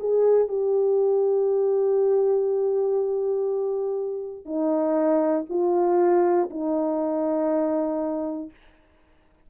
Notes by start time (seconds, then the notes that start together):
0.00 G#4
0.48 G4
4.45 D#4
5.50 F4
6.50 D#4